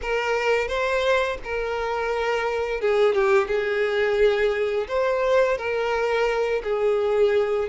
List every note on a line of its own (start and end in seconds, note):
0.01 0.68 A#4
0.68 1.37 C5
1.44 2.80 A#4
2.80 3.14 G#4
3.14 3.47 G4
3.47 4.87 G#4
4.88 5.57 C5
5.57 6.62 A#4
6.63 7.68 G#4